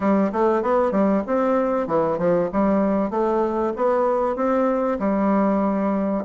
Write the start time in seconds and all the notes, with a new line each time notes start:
0.00 G3
0.32 A3
0.62 B3
0.91 G3
1.26 C4
1.87 E3
2.18 F3
2.52 G3
3.10 A3
3.76 B3
4.36 C4
4.99 G3